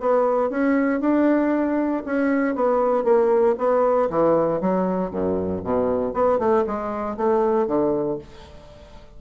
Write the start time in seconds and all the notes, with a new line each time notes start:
0.00 B3
0.50 C#4
1.00 D4
2.06 C#4
2.55 B3
3.04 A#3
3.58 B3
4.10 E3
4.61 F#3
5.10 F#2
5.64 B2
6.14 B3
6.38 A3
6.67 G#3
7.17 A3
7.67 D3